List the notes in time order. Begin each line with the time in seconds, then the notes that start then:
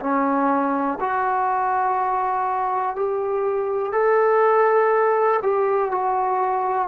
0.00 C#4
1.00 F#4
2.96 G4
3.93 A4
5.42 G4
5.91 F#4